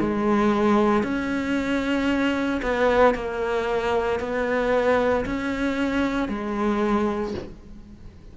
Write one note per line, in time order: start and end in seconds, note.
0.00 1.03 G#3
1.03 2.61 C#4
2.62 3.15 B3
3.15 4.20 A#3
4.20 5.25 B3
5.25 6.29 C#4
6.29 7.34 G#3